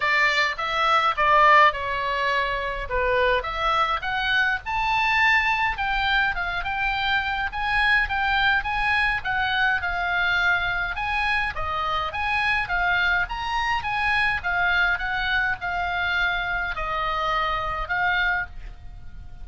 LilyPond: \new Staff \with { instrumentName = "oboe" } { \time 4/4 \tempo 4 = 104 d''4 e''4 d''4 cis''4~ | cis''4 b'4 e''4 fis''4 | a''2 g''4 f''8 g''8~ | g''4 gis''4 g''4 gis''4 |
fis''4 f''2 gis''4 | dis''4 gis''4 f''4 ais''4 | gis''4 f''4 fis''4 f''4~ | f''4 dis''2 f''4 | }